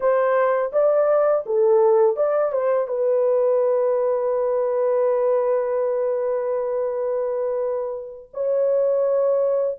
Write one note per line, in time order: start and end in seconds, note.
0.00 0.71 C5
0.72 1.44 D5
1.46 2.16 A4
2.16 2.52 D5
2.52 2.87 C5
2.87 8.29 B4
8.33 9.78 C#5